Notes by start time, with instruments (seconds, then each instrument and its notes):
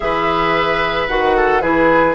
0.00 bassoon E3, clarinet G#4, oboe B4, flute E5
1.08 bassoon D#3, clarinet F#4, flute F#5
1.36 oboe A4
1.61 bassoon E3, clarinet E4, oboe G#4, flute B4